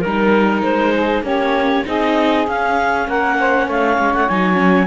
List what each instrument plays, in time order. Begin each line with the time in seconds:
0.00 cello G3, viola D#4, clarinet A#4, saxophone A#4
0.62 cello G#3, clarinet C5
0.94 saxophone G#4
1.22 cello A#3, viola C#4, saxophone G4, clarinet C#5
1.86 cello C4, viola D#4, saxophone G#4, clarinet D#5
2.47 cello C#4, viola C#4, clarinet F5
3.07 cello A#3, saxophone A#4, clarinet F#5
3.39 saxophone C5
3.66 cello A3, saxophone C#5, clarinet F5
3.98 cello G#3
4.14 cello A3, clarinet F#5
4.28 cello F#3, viola D#4, clarinet G#5
4.54 viola C#4